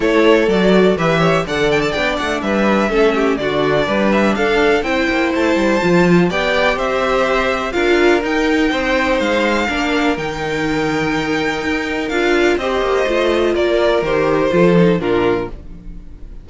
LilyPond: <<
  \new Staff \with { instrumentName = "violin" } { \time 4/4 \tempo 4 = 124 cis''4 d''4 e''4 fis''8 g''16 a''16 | g''8 fis''8 e''2 d''4~ | d''8 e''8 f''4 g''4 a''4~ | a''4 g''4 e''2 |
f''4 g''2 f''4~ | f''4 g''2.~ | g''4 f''4 dis''2 | d''4 c''2 ais'4 | }
  \new Staff \with { instrumentName = "violin" } { \time 4/4 a'2 b'8 cis''8 d''4~ | d''4 b'4 a'8 g'8 fis'4 | b'4 a'4 c''2~ | c''4 d''4 c''2 |
ais'2 c''2 | ais'1~ | ais'2 c''2 | ais'2 a'4 f'4 | }
  \new Staff \with { instrumentName = "viola" } { \time 4/4 e'4 fis'4 g'4 a'4 | d'2 cis'4 d'4~ | d'2 e'2 | f'4 g'2. |
f'4 dis'2. | d'4 dis'2.~ | dis'4 f'4 g'4 f'4~ | f'4 g'4 f'8 dis'8 d'4 | }
  \new Staff \with { instrumentName = "cello" } { \time 4/4 a4 fis4 e4 d4 | b8 a8 g4 a4 d4 | g4 d'4 c'8 ais8 a8 g8 | f4 b4 c'2 |
d'4 dis'4 c'4 gis4 | ais4 dis2. | dis'4 d'4 c'8 ais8 a4 | ais4 dis4 f4 ais,4 | }
>>